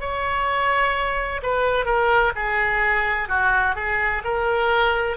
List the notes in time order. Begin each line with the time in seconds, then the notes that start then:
0.00 C#5
1.42 B4
1.85 A#4
2.35 G#4
3.28 F#4
3.75 G#4
4.24 A#4